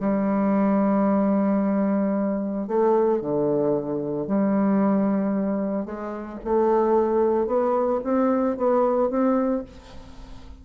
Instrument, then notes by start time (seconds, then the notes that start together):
bassoon
0.00 G3
2.68 A3
3.21 D3
4.27 G3
5.85 G#3
6.44 A3
7.47 B3
8.04 C4
8.57 B3
9.10 C4